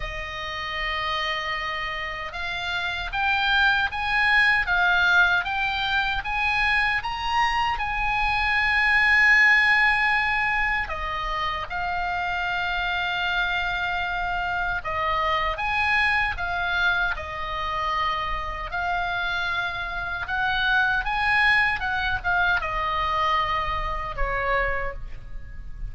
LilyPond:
\new Staff \with { instrumentName = "oboe" } { \time 4/4 \tempo 4 = 77 dis''2. f''4 | g''4 gis''4 f''4 g''4 | gis''4 ais''4 gis''2~ | gis''2 dis''4 f''4~ |
f''2. dis''4 | gis''4 f''4 dis''2 | f''2 fis''4 gis''4 | fis''8 f''8 dis''2 cis''4 | }